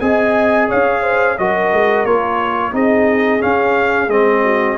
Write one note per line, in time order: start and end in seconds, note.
0.00 0.70 C4
0.00 1.37 G#4
0.00 0.69 D#5
0.00 0.68 G#5
0.69 1.39 C#4
0.69 1.03 C#5
0.69 1.38 F5
1.03 1.37 C5
1.38 1.73 F#3
1.38 2.07 F#4
1.38 2.74 A#4
1.38 2.06 D#5
1.73 2.05 G#3
2.05 2.73 A#3
2.05 2.72 F4
2.05 2.74 C#5
2.72 3.42 C4
2.72 3.40 D#4
2.72 4.44 G#4
2.72 3.42 D#5
3.40 4.08 C#4
3.40 4.10 F5
4.08 4.76 G#3
4.08 4.79 C4
4.08 4.78 D#5
4.44 4.78 F#4